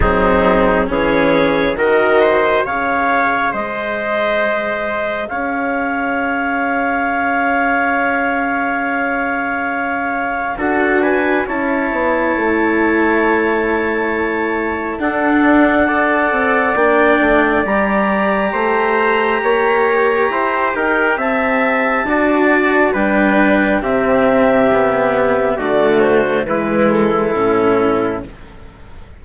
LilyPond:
<<
  \new Staff \with { instrumentName = "clarinet" } { \time 4/4 \tempo 4 = 68 gis'4 cis''4 dis''4 f''4 | dis''2 f''2~ | f''1 | fis''8 gis''8 a''2.~ |
a''4 fis''2 g''4 | ais''2.~ ais''8 g''8 | a''2 g''4 e''4~ | e''4 d''8 c''8 b'8 a'4. | }
  \new Staff \with { instrumentName = "trumpet" } { \time 4/4 dis'4 gis'4 ais'8 c''8 cis''4 | c''2 cis''2~ | cis''1 | a'8 b'8 cis''2.~ |
cis''4 a'4 d''2~ | d''4 c''4 cis''4 c''8 ais'8 | e''4 d''4 b'4 g'4~ | g'4 fis'4 e'2 | }
  \new Staff \with { instrumentName = "cello" } { \time 4/4 c'4 cis'4 fis'4 gis'4~ | gis'1~ | gis'1 | fis'4 e'2.~ |
e'4 d'4 a'4 d'4 | g'1~ | g'4 fis'4 d'4 c'4 | b4 a4 gis4 cis'4 | }
  \new Staff \with { instrumentName = "bassoon" } { \time 4/4 fis4 e4 dis4 cis4 | gis2 cis'2~ | cis'1 | d'4 cis'8 b8 a2~ |
a4 d'4. c'8 ais8 a8 | g4 a4 ais4 e'8 dis'8 | c'4 d'4 g4 c4~ | c4 d4 e4 a,4 | }
>>